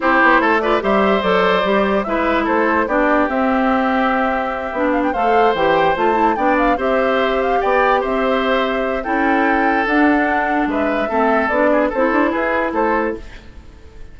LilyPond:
<<
  \new Staff \with { instrumentName = "flute" } { \time 4/4 \tempo 4 = 146 c''4. d''8 e''4 d''4~ | d''4 e''4 c''4 d''4 | e''1 | f''16 g''16 f''4 g''4 a''4 g''8 |
f''8 e''4. f''8 g''4 e''8~ | e''2 g''2 | fis''2 e''2 | d''4 c''4 b'4 c''4 | }
  \new Staff \with { instrumentName = "oboe" } { \time 4/4 g'4 a'8 b'8 c''2~ | c''4 b'4 a'4 g'4~ | g'1~ | g'8 c''2. d''8~ |
d''8 c''2 d''4 c''8~ | c''2 a'2~ | a'2 b'4 a'4~ | a'8 gis'8 a'4 gis'4 a'4 | }
  \new Staff \with { instrumentName = "clarinet" } { \time 4/4 e'4. f'8 g'4 a'4 | g'4 e'2 d'4 | c'2.~ c'8 d'8~ | d'8 a'4 g'4 f'8 e'8 d'8~ |
d'8 g'2.~ g'8~ | g'2 e'2 | d'2. c'4 | d'4 e'2. | }
  \new Staff \with { instrumentName = "bassoon" } { \time 4/4 c'8 b8 a4 g4 fis4 | g4 gis4 a4 b4 | c'2.~ c'8 b8~ | b8 a4 e4 a4 b8~ |
b8 c'2 b4 c'8~ | c'2 cis'2 | d'2 gis4 a4 | b4 c'8 d'8 e'4 a4 | }
>>